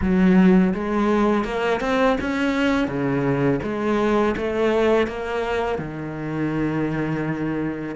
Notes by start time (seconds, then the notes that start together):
0.01 F#3
0.74 G#3
1.44 A#3
1.80 C4
2.20 C#4
2.87 C#3
3.62 G#3
4.36 A3
5.07 A#3
5.78 D#3